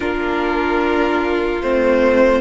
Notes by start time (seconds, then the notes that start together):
0.00 A#3 D4 F4 A#4
1.61 A3 C4 C5